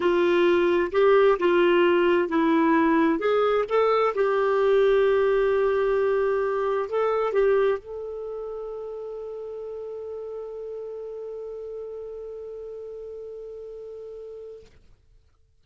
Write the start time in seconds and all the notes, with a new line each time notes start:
0.00 F4
0.92 G4
1.39 F4
2.29 E4
3.19 G#4
3.68 A4
4.15 G4
6.89 A4
7.33 G4
7.78 A4